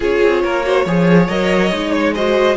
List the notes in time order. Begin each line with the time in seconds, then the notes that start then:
0.00 C#4 F4 G#4 C#5
0.22 C4
0.43 A#3 A#4
0.63 F#4 C5
0.85 F3 G#4 C#5
1.27 F#3 A#4 D#5
1.71 G#3 D#4
1.91 C#5
2.14 F#4 C5 D#5